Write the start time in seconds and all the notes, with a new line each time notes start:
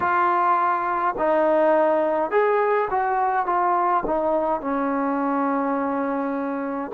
0.00 F4
1.18 D#4
2.30 G#4
2.90 F#4
3.46 F4
4.06 D#4
4.60 C#4